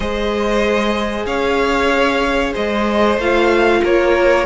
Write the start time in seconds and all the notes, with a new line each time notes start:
0.00 G#3 G#4 C5 D#5
1.26 C#4 C#5 F5
2.53 G#3 C5 D#5
3.17 A3 F4 F5
3.83 A#3 A#4 C#5